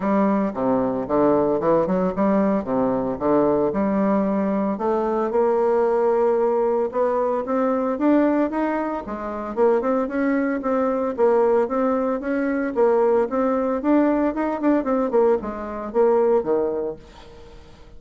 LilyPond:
\new Staff \with { instrumentName = "bassoon" } { \time 4/4 \tempo 4 = 113 g4 c4 d4 e8 fis8 | g4 c4 d4 g4~ | g4 a4 ais2~ | ais4 b4 c'4 d'4 |
dis'4 gis4 ais8 c'8 cis'4 | c'4 ais4 c'4 cis'4 | ais4 c'4 d'4 dis'8 d'8 | c'8 ais8 gis4 ais4 dis4 | }